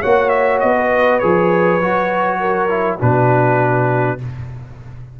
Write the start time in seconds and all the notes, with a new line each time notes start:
0.00 A#3 F#4 C#5 F#5
0.29 E5
0.60 B3 D#5
0.76 B4
1.19 F3 G#4 C#5
1.80 F#3 F#4
2.39 A#4
2.69 E4
2.99 B2 D4 F#4 B4